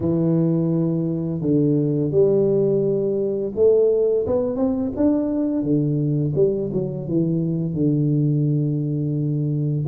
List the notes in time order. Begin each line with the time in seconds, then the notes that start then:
0.00 E3
1.41 D3
2.11 G3
3.55 A3
4.26 B3
4.56 C4
4.96 D4
5.62 D3
6.35 G3
6.72 F#3
7.08 E3
7.73 D3